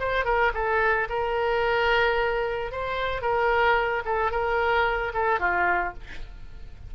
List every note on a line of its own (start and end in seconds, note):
0.00 0.25 C5
0.25 0.52 A#4
0.54 1.08 A4
1.10 2.72 A#4
2.72 3.22 C5
3.22 4.03 A#4
4.05 4.31 A4
4.31 5.13 A#4
5.14 5.40 A4
5.40 5.94 F4